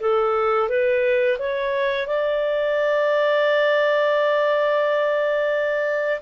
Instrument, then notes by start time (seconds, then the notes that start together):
clarinet
0.00 A4
0.69 B4
1.38 C#5
2.07 D5